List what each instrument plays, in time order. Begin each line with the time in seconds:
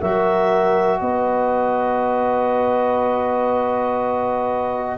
0.00 tuba F#3, trombone F#4, horn A#4, clarinet E5
0.99 tuba B3, horn B4, clarinet D#5